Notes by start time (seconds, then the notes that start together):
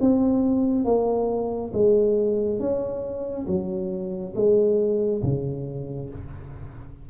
0.00 C4
0.85 A#3
1.73 G#3
2.59 C#4
3.47 F#3
4.35 G#3
5.23 C#3